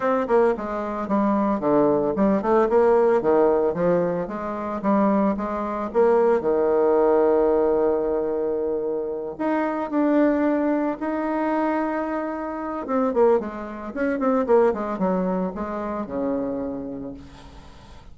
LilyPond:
\new Staff \with { instrumentName = "bassoon" } { \time 4/4 \tempo 4 = 112 c'8 ais8 gis4 g4 d4 | g8 a8 ais4 dis4 f4 | gis4 g4 gis4 ais4 | dis1~ |
dis4. dis'4 d'4.~ | d'8 dis'2.~ dis'8 | c'8 ais8 gis4 cis'8 c'8 ais8 gis8 | fis4 gis4 cis2 | }